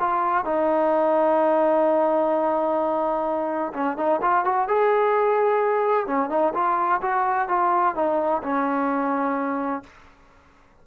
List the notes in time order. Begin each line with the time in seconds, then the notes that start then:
0.00 F4
0.45 D#4
3.74 C#4
3.97 D#4
4.22 F4
4.45 F#4
4.68 G#4
6.07 C#4
6.30 D#4
6.54 F4
7.02 F#4
7.49 F4
7.95 D#4
8.43 C#4